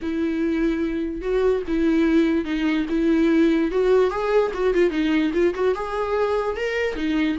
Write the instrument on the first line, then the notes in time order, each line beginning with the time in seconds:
viola
0.02 E4
1.21 F#4
1.67 E4
2.44 D#4
2.89 E4
3.71 F#4
4.10 G#4
4.54 F#4
4.74 F4
4.90 D#4
5.33 F4
5.54 F#4
5.75 G#4
6.56 A#4
6.95 D#4